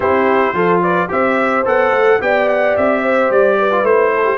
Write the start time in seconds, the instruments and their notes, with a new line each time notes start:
0.00 tuba C4, trombone E4, horn G4, trumpet C5
0.53 tuba F3, trombone F4, horn A4
0.82 horn B4, trumpet D5
1.08 tuba C4, trombone G4, horn C5, trumpet E5
1.65 tuba B3, trombone A4, trumpet F#5
1.90 tuba A3
2.20 tuba B3, trombone G4, horn D5, trumpet G5
2.48 trumpet F#5
2.76 tuba C4, trumpet E5
3.02 horn C5
3.30 tuba G3, trumpet D5
3.58 horn B4
3.71 trombone F4
3.83 tuba A3, trombone E4, trumpet C5
4.15 horn A4
4.24 horn G4